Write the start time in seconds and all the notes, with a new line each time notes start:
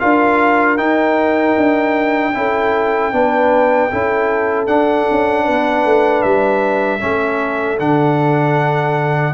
0.00 D4 F4 A#4 F5
0.77 D#4 G5
1.57 D4
2.35 C#4 E4 A4
3.13 B3 D4 B4
3.92 C#4 E4 A4
4.67 D4 F#5
5.11 C#4
5.44 B3 B4
5.85 A3
6.23 G3 E5
7.00 A3 C#4 A4
7.79 D3 D4 F#5